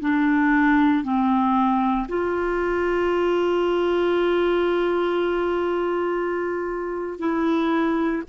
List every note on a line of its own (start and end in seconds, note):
0.00 1.03 D4
1.03 2.07 C4
2.08 7.19 F4
7.19 8.22 E4